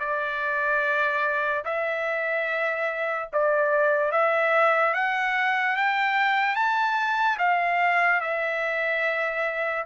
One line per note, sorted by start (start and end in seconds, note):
0.00 1.64 D5
1.65 3.30 E5
3.33 4.12 D5
4.12 4.94 E5
4.94 5.76 F#5
5.77 6.56 G5
6.56 7.38 A5
7.39 8.21 F5
8.21 9.86 E5